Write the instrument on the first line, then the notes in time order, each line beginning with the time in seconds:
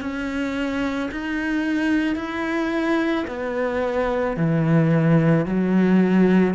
cello
0.00 C#4
1.11 D#4
2.16 E4
3.27 B3
4.36 E3
5.45 F#3